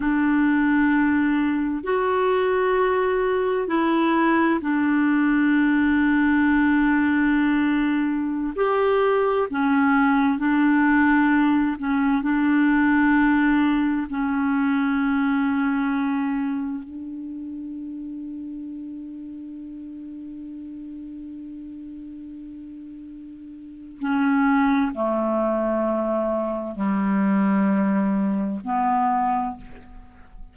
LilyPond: \new Staff \with { instrumentName = "clarinet" } { \time 4/4 \tempo 4 = 65 d'2 fis'2 | e'4 d'2.~ | d'4~ d'16 g'4 cis'4 d'8.~ | d'8. cis'8 d'2 cis'8.~ |
cis'2~ cis'16 d'4.~ d'16~ | d'1~ | d'2 cis'4 a4~ | a4 g2 b4 | }